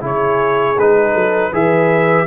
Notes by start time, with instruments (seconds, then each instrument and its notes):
0.00 tuba C#3, trombone E4, horn G#4, trumpet C#5
0.77 tuba G#3, trombone D#4, trumpet B4
1.12 tuba F#3, horn A4
1.52 tuba E3, trombone G#4, horn B4, trumpet E5